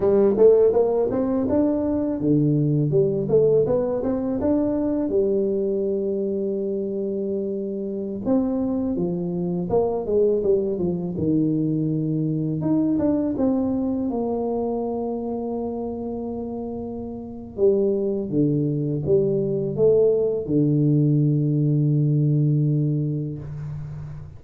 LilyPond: \new Staff \with { instrumentName = "tuba" } { \time 4/4 \tempo 4 = 82 g8 a8 ais8 c'8 d'4 d4 | g8 a8 b8 c'8 d'4 g4~ | g2.~ g16 c'8.~ | c'16 f4 ais8 gis8 g8 f8 dis8.~ |
dis4~ dis16 dis'8 d'8 c'4 ais8.~ | ais1 | g4 d4 g4 a4 | d1 | }